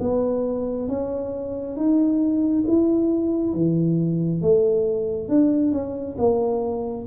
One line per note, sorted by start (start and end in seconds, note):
0.00 0.88 B3
0.88 1.76 C#4
1.76 2.64 D#4
2.67 3.53 E4
3.53 4.42 E3
4.42 5.28 A3
5.28 5.72 D4
5.72 6.16 C#4
6.18 7.06 A#3